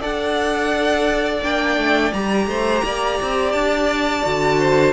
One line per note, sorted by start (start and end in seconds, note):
0.00 1.41 D4
0.00 1.42 A4
0.00 2.47 D5
0.00 1.43 F#5
1.41 1.76 A#3
1.41 2.12 D4
1.41 2.12 G5
1.76 2.11 A3
2.12 2.47 G3
2.12 4.23 G4
2.12 3.52 A#5
2.47 2.82 A3
2.47 2.84 C5
2.84 3.19 A#3
2.84 4.59 D5
3.21 3.53 C4
3.52 4.24 D4
3.52 4.92 A5
4.23 4.92 D3
4.23 4.92 F#4
4.59 4.92 C5